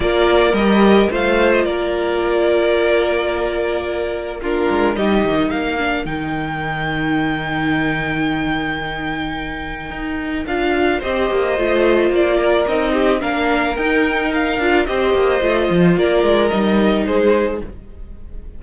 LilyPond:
<<
  \new Staff \with { instrumentName = "violin" } { \time 4/4 \tempo 4 = 109 d''4 dis''4 f''8. dis''16 d''4~ | d''1 | ais'4 dis''4 f''4 g''4~ | g''1~ |
g''2. f''4 | dis''2 d''4 dis''4 | f''4 g''4 f''4 dis''4~ | dis''4 d''4 dis''4 c''4 | }
  \new Staff \with { instrumentName = "violin" } { \time 4/4 ais'2 c''4 ais'4~ | ais'1 | f'4 g'4 ais'2~ | ais'1~ |
ais'1 | c''2~ c''8 ais'4 g'8 | ais'2. c''4~ | c''4 ais'2 gis'4 | }
  \new Staff \with { instrumentName = "viola" } { \time 4/4 f'4 g'4 f'2~ | f'1 | d'4 dis'4. d'8 dis'4~ | dis'1~ |
dis'2. f'4 | g'4 f'2 dis'4 | d'4 dis'4. f'8 g'4 | f'2 dis'2 | }
  \new Staff \with { instrumentName = "cello" } { \time 4/4 ais4 g4 a4 ais4~ | ais1~ | ais8 gis8 g8 dis8 ais4 dis4~ | dis1~ |
dis2 dis'4 d'4 | c'8 ais8 a4 ais4 c'4 | ais4 dis'4. d'8 c'8 ais8 | a8 f8 ais8 gis8 g4 gis4 | }
>>